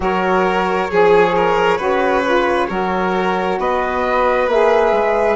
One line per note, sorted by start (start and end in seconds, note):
0.00 0.87 F#3
0.00 0.89 F#4
0.00 0.90 A#4
0.00 3.60 C#5
0.90 1.79 F3
0.90 1.35 G#4
0.90 1.77 G#4
1.35 1.77 A#4
1.77 2.68 C#3
1.77 2.22 F#4
1.77 2.67 B4
2.25 2.69 F4
2.69 3.59 F#3
2.69 4.48 F#4
2.69 3.58 A#4
3.59 4.47 B3
3.59 5.35 B4
3.59 4.49 D#5
4.47 4.91 A#3
4.47 5.35 G#4
4.47 5.35 E5
4.91 5.35 G#3